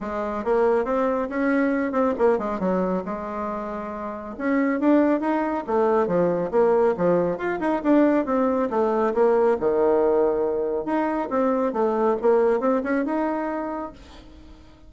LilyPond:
\new Staff \with { instrumentName = "bassoon" } { \time 4/4 \tempo 4 = 138 gis4 ais4 c'4 cis'4~ | cis'8 c'8 ais8 gis8 fis4 gis4~ | gis2 cis'4 d'4 | dis'4 a4 f4 ais4 |
f4 f'8 dis'8 d'4 c'4 | a4 ais4 dis2~ | dis4 dis'4 c'4 a4 | ais4 c'8 cis'8 dis'2 | }